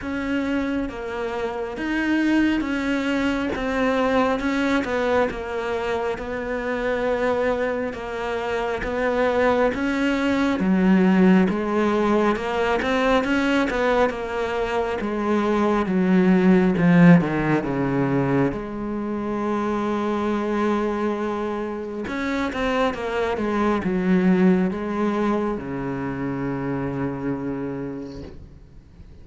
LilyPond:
\new Staff \with { instrumentName = "cello" } { \time 4/4 \tempo 4 = 68 cis'4 ais4 dis'4 cis'4 | c'4 cis'8 b8 ais4 b4~ | b4 ais4 b4 cis'4 | fis4 gis4 ais8 c'8 cis'8 b8 |
ais4 gis4 fis4 f8 dis8 | cis4 gis2.~ | gis4 cis'8 c'8 ais8 gis8 fis4 | gis4 cis2. | }